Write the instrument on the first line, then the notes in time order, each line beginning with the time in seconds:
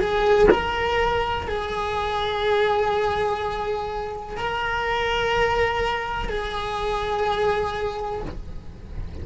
cello
0.00 G#4
0.51 A#4
1.47 G#4
4.37 A#4
6.29 G#4